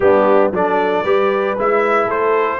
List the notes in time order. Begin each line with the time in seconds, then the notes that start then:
0.00 G3 B3 D4 G4
0.51 F#3 D4 A4 D5
1.03 G3 G4 B4
1.58 G#3 E4 E5
2.06 A3 A4 C5